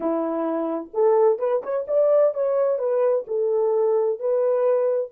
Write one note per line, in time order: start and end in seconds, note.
0.00 0.90 E4
0.93 1.38 A4
1.38 1.62 B4
1.62 1.86 C#5
1.87 2.34 D5
2.34 2.78 C#5
2.78 3.25 B4
3.27 4.19 A4
4.19 5.11 B4